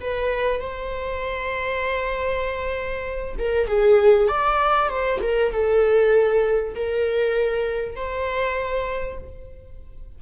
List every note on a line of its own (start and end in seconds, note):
0.00 0.60 B4
0.60 3.35 C5
3.38 3.67 A#4
3.67 4.28 G#4
4.28 4.89 D5
4.89 5.20 C5
5.22 5.52 A#4
5.52 6.75 A4
6.75 7.96 A#4
7.96 9.18 C5